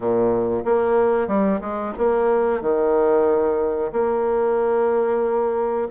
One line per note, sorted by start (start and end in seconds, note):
0.00 0.63 A#2
0.65 1.27 A#3
1.27 1.60 G3
1.60 1.93 G#3
1.98 2.61 A#3
2.61 3.91 D#3
3.92 5.88 A#3